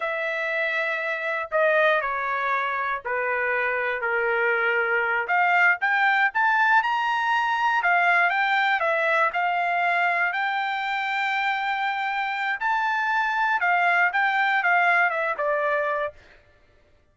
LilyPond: \new Staff \with { instrumentName = "trumpet" } { \time 4/4 \tempo 4 = 119 e''2. dis''4 | cis''2 b'2 | ais'2~ ais'8 f''4 g''8~ | g''8 a''4 ais''2 f''8~ |
f''8 g''4 e''4 f''4.~ | f''8 g''2.~ g''8~ | g''4 a''2 f''4 | g''4 f''4 e''8 d''4. | }